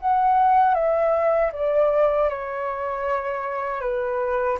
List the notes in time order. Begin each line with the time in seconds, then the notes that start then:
0.00 F#5
0.74 E5
1.52 D5
2.29 C#5
3.81 B4